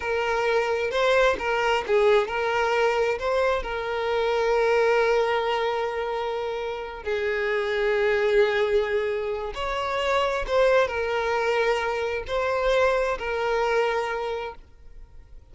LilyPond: \new Staff \with { instrumentName = "violin" } { \time 4/4 \tempo 4 = 132 ais'2 c''4 ais'4 | gis'4 ais'2 c''4 | ais'1~ | ais'2.~ ais'8 gis'8~ |
gis'1~ | gis'4 cis''2 c''4 | ais'2. c''4~ | c''4 ais'2. | }